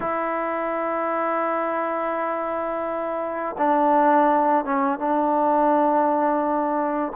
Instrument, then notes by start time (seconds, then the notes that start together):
trombone
0.00 E4
3.58 D4
4.65 C#4
4.98 D4